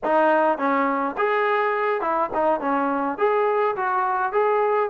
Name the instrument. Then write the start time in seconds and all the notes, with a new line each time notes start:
trombone
0.03 D#4
0.58 C#4
1.17 G#4
2.01 E4
2.33 D#4
2.60 C#4
3.18 G#4
3.76 F#4
4.32 G#4